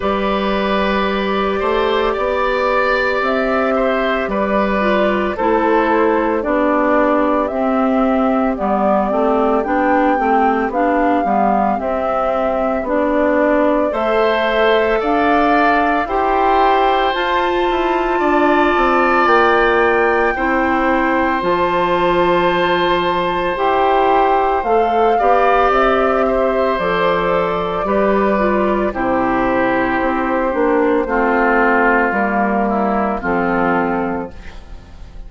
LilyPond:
<<
  \new Staff \with { instrumentName = "flute" } { \time 4/4 \tempo 4 = 56 d''2. e''4 | d''4 c''4 d''4 e''4 | d''4 g''4 f''4 e''4 | d''4 e''4 f''4 g''4 |
a''2 g''2 | a''2 g''4 f''4 | e''4 d''2 c''4~ | c''2 ais'4 a'4 | }
  \new Staff \with { instrumentName = "oboe" } { \time 4/4 b'4. c''8 d''4. c''8 | b'4 a'4 g'2~ | g'1~ | g'4 c''4 d''4 c''4~ |
c''4 d''2 c''4~ | c''2.~ c''8 d''8~ | d''8 c''4. b'4 g'4~ | g'4 f'4. e'8 f'4 | }
  \new Staff \with { instrumentName = "clarinet" } { \time 4/4 g'1~ | g'8 f'8 e'4 d'4 c'4 | b8 c'8 d'8 c'8 d'8 b8 c'4 | d'4 a'2 g'4 |
f'2. e'4 | f'2 g'4 a'8 g'8~ | g'4 a'4 g'8 f'8 e'4~ | e'8 d'8 c'4 ais4 c'4 | }
  \new Staff \with { instrumentName = "bassoon" } { \time 4/4 g4. a8 b4 c'4 | g4 a4 b4 c'4 | g8 a8 b8 a8 b8 g8 c'4 | b4 a4 d'4 e'4 |
f'8 e'8 d'8 c'8 ais4 c'4 | f2 e'4 a8 b8 | c'4 f4 g4 c4 | c'8 ais8 a4 g4 f4 | }
>>